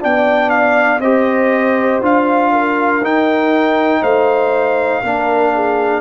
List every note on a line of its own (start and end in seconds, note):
0.00 1.00 B3
0.00 1.00 D4
0.00 1.01 D5
0.00 0.50 G5
0.50 1.00 F5
1.00 2.00 C4
1.00 2.01 G4
1.00 2.51 C5
1.00 2.01 D#5
2.01 3.01 D4
2.01 3.01 F4
2.01 3.05 F5
2.52 4.02 A#4
3.01 4.01 D#4
3.01 5.03 D#4
3.01 4.03 G5
4.02 5.02 A3
4.02 5.02 C5
4.02 6.01 F5
5.02 6.01 A#3
5.02 6.01 D4
5.02 5.52 A#4
5.54 6.01 G#4